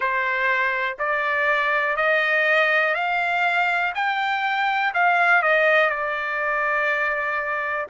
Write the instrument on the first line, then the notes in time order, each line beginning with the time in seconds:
trumpet
0.00 C5
0.98 D5
1.96 D#5
2.94 F5
3.94 G5
4.94 F5
5.42 D#5
5.90 D5